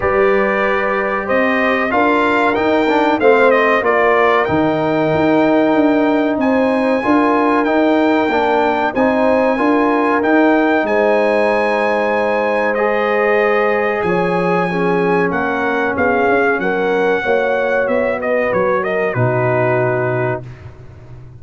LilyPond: <<
  \new Staff \with { instrumentName = "trumpet" } { \time 4/4 \tempo 4 = 94 d''2 dis''4 f''4 | g''4 f''8 dis''8 d''4 g''4~ | g''2 gis''2 | g''2 gis''2 |
g''4 gis''2. | dis''2 gis''2 | fis''4 f''4 fis''2 | e''8 dis''8 cis''8 dis''8 b'2 | }
  \new Staff \with { instrumentName = "horn" } { \time 4/4 b'2 c''4 ais'4~ | ais'4 c''4 ais'2~ | ais'2 c''4 ais'4~ | ais'2 c''4 ais'4~ |
ais'4 c''2.~ | c''2 cis''4 gis'4 | ais'4 gis'4 ais'4 cis''4~ | cis''8 b'4 ais'8 fis'2 | }
  \new Staff \with { instrumentName = "trombone" } { \time 4/4 g'2. f'4 | dis'8 d'8 c'4 f'4 dis'4~ | dis'2. f'4 | dis'4 d'4 dis'4 f'4 |
dis'1 | gis'2. cis'4~ | cis'2. fis'4~ | fis'2 dis'2 | }
  \new Staff \with { instrumentName = "tuba" } { \time 4/4 g2 c'4 d'4 | dis'4 a4 ais4 dis4 | dis'4 d'4 c'4 d'4 | dis'4 ais4 c'4 d'4 |
dis'4 gis2.~ | gis2 f2 | ais4 b8 cis'8 fis4 ais4 | b4 fis4 b,2 | }
>>